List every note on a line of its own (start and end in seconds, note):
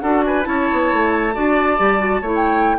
0.00 0.46 D4
0.00 0.43 F#4
0.00 0.24 A4
0.00 0.22 F#5
0.25 0.48 B4
0.25 0.43 G#5
0.43 0.69 C#4
0.43 1.31 E4
0.43 1.34 C#5
0.43 2.31 A5
0.72 0.93 B3
0.93 1.36 A3
1.33 1.79 D4
1.33 1.77 F#4
1.33 2.21 D5
1.77 2.21 G3
1.77 1.99 G4
1.99 2.21 F#4
2.21 2.76 A3
2.21 2.79 E4
2.21 2.76 C#5
2.35 2.79 G5